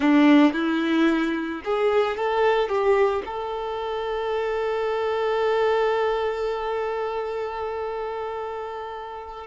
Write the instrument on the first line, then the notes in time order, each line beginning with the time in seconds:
violin
0.00 D4
0.53 E4
1.64 G#4
2.16 A4
2.69 G4
3.25 A4